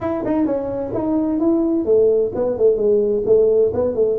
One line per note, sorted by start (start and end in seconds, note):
0.01 0.24 E4
0.24 0.45 D#4
0.45 0.92 C#4
0.93 1.39 D#4
1.39 1.85 E4
1.85 2.31 A3
2.35 2.57 B3
2.57 2.77 A3
2.77 3.23 G#3
3.25 3.72 A3
3.73 3.95 B3
3.95 4.18 A3